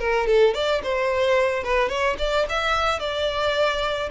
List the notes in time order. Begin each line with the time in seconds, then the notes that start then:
0.00 A#4
0.27 A4
0.55 D5
0.84 C5
1.64 B4
1.89 C#5
2.19 D5
2.50 E5
3.00 D5